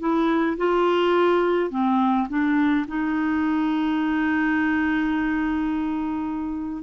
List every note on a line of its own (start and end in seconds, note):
0.00 0.57 E4
0.58 1.71 F4
1.71 2.28 C4
2.29 2.86 D4
2.88 6.84 D#4